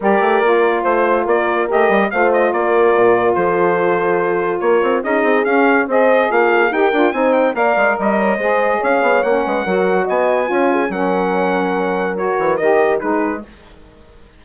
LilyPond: <<
  \new Staff \with { instrumentName = "trumpet" } { \time 4/4 \tempo 4 = 143 d''2 c''4 d''4 | dis''4 f''8 dis''8 d''2 | c''2. cis''4 | dis''4 f''4 dis''4 f''4 |
g''4 gis''8 g''8 f''4 dis''4~ | dis''4 f''4 fis''2 | gis''2 fis''2~ | fis''4 cis''4 dis''4 b'4 | }
  \new Staff \with { instrumentName = "horn" } { \time 4/4 ais'2 c''4 ais'4~ | ais'4 c''4 ais'2 | a'2. ais'4 | gis'2 c''4 f'4 |
ais'4 c''4 d''4 dis''8 cis''8 | c''4 cis''4. b'8 ais'4 | dis''4 cis''8 gis'8 ais'2~ | ais'2. gis'4 | }
  \new Staff \with { instrumentName = "saxophone" } { \time 4/4 g'4 f'2. | g'4 f'2.~ | f'1 | dis'4 cis'4 gis'2 |
g'8 f'8 dis'4 ais'2 | gis'2 cis'4 fis'4~ | fis'4 f'4 cis'2~ | cis'4 fis'4 g'4 dis'4 | }
  \new Staff \with { instrumentName = "bassoon" } { \time 4/4 g8 a8 ais4 a4 ais4 | a8 g8 a4 ais4 ais,4 | f2. ais8 c'8 | cis'8 c'8 cis'4 c'4 ais4 |
dis'8 d'8 c'4 ais8 gis8 g4 | gis4 cis'8 b8 ais8 gis8 fis4 | b4 cis'4 fis2~ | fis4. e8 dis4 gis4 | }
>>